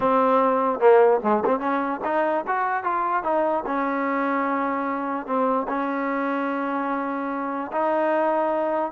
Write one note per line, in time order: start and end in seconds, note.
0.00 0.79 C4
0.79 1.20 A#3
1.23 1.43 G#3
1.45 1.59 C4
1.59 2.00 C#4
2.04 2.45 D#4
2.47 2.83 F#4
2.83 3.23 F4
3.23 3.64 D#4
3.66 5.26 C#4
5.26 5.66 C4
5.68 7.71 C#4
7.72 8.91 D#4